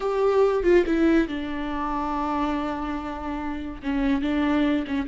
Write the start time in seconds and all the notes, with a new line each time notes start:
0.00 G4
0.63 F4
0.86 E4
1.28 D4
3.82 C#4
4.21 D4
4.87 C#4